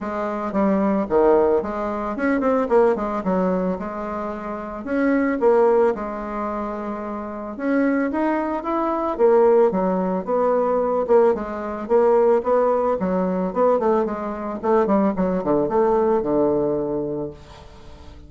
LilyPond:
\new Staff \with { instrumentName = "bassoon" } { \time 4/4 \tempo 4 = 111 gis4 g4 dis4 gis4 | cis'8 c'8 ais8 gis8 fis4 gis4~ | gis4 cis'4 ais4 gis4~ | gis2 cis'4 dis'4 |
e'4 ais4 fis4 b4~ | b8 ais8 gis4 ais4 b4 | fis4 b8 a8 gis4 a8 g8 | fis8 d8 a4 d2 | }